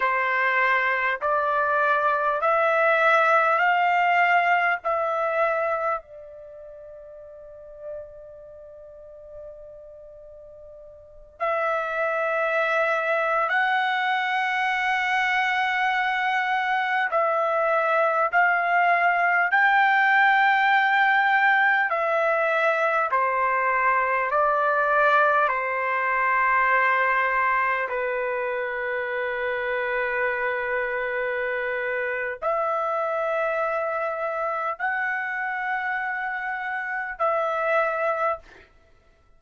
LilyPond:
\new Staff \with { instrumentName = "trumpet" } { \time 4/4 \tempo 4 = 50 c''4 d''4 e''4 f''4 | e''4 d''2.~ | d''4. e''4.~ e''16 fis''8.~ | fis''2~ fis''16 e''4 f''8.~ |
f''16 g''2 e''4 c''8.~ | c''16 d''4 c''2 b'8.~ | b'2. e''4~ | e''4 fis''2 e''4 | }